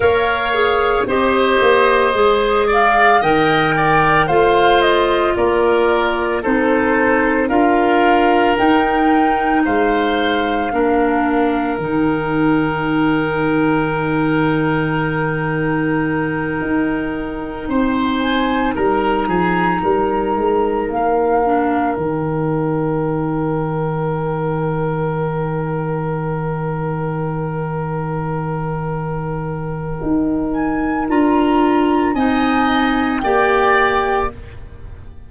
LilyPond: <<
  \new Staff \with { instrumentName = "flute" } { \time 4/4 \tempo 4 = 56 f''4 dis''4. f''8 g''4 | f''8 dis''8 d''4 c''4 f''4 | g''4 f''2 g''4~ | g''1~ |
g''4 gis''8 ais''2 f''8~ | f''8 g''2.~ g''8~ | g''1~ | g''8 gis''8 ais''4 gis''4 g''4 | }
  \new Staff \with { instrumentName = "oboe" } { \time 4/4 cis''4 c''4. d''8 dis''8 d''8 | c''4 ais'4 a'4 ais'4~ | ais'4 c''4 ais'2~ | ais'1~ |
ais'8 c''4 ais'8 gis'8 ais'4.~ | ais'1~ | ais'1~ | ais'2 dis''4 d''4 | }
  \new Staff \with { instrumentName = "clarinet" } { \time 4/4 ais'8 gis'8 g'4 gis'4 ais'4 | f'2 dis'4 f'4 | dis'2 d'4 dis'4~ | dis'1~ |
dis'1 | d'8 dis'2.~ dis'8~ | dis'1~ | dis'4 f'4 dis'4 g'4 | }
  \new Staff \with { instrumentName = "tuba" } { \time 4/4 ais4 c'8 ais8 gis4 dis4 | a4 ais4 c'4 d'4 | dis'4 gis4 ais4 dis4~ | dis2.~ dis8 dis'8~ |
dis'8 c'4 g8 f8 g8 gis8 ais8~ | ais8 dis2.~ dis8~ | dis1 | dis'4 d'4 c'4 ais4 | }
>>